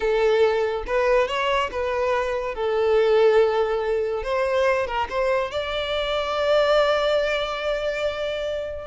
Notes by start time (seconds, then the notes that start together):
0.00 A4
0.87 B4
1.27 C#5
1.71 B4
2.54 A4
4.23 C5
4.86 A#4
5.09 C5
5.51 D5